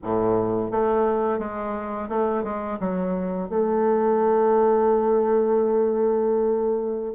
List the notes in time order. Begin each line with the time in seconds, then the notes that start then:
0.03 A2
0.71 A3
1.39 G#3
2.09 A3
2.43 G#3
2.79 F#3
3.49 A3